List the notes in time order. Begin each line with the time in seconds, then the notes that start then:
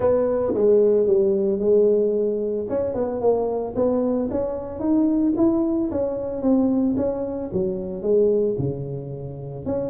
0.00 B3
0.54 G#3
1.06 G3
1.59 G#3
2.69 C#4
2.94 B3
3.20 A#3
3.75 B3
4.30 C#4
4.79 D#4
5.36 E4
5.91 C#4
6.41 C4
6.96 C#4
7.52 F#3
8.02 G#3
8.58 C#3
9.65 C#4